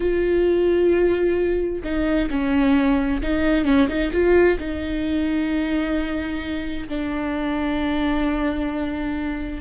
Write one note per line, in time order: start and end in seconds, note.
0.00 1.82 F4
1.83 2.29 D#4
2.29 3.21 C#4
3.22 3.65 D#4
3.65 3.87 C#4
3.88 4.11 D#4
4.12 4.58 F4
4.58 6.87 D#4
6.88 9.61 D4